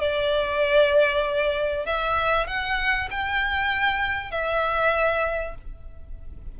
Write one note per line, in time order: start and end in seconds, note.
0.00 1.86 D5
1.86 2.47 E5
2.47 3.08 F#5
3.10 4.31 G5
4.31 5.54 E5